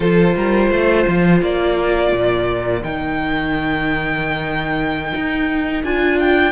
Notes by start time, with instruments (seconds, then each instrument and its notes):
0.00 cello F3, viola F4, violin A4 C5
0.35 cello G3, violin A#4
0.70 cello A3, violin C5
1.07 cello F3
1.41 cello A#3, violin D5
1.75 violin A#4
2.12 cello A#2
2.83 cello D#3, viola D#4, violin G5
5.14 cello D#4
5.83 cello D4, viola F4, violin G#5
6.19 violin G5